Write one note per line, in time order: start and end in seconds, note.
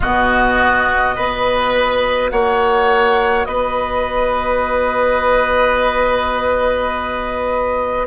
0.00 1.16 B2
0.00 1.13 B3
0.00 1.15 F#4
0.00 2.30 D#5
1.13 2.31 B3
1.13 8.06 F#4
1.13 2.31 B4
2.30 3.46 A#3
2.30 3.47 C#5
2.30 3.45 F#5
3.45 8.07 B3
3.45 8.07 B4
3.45 8.06 D#5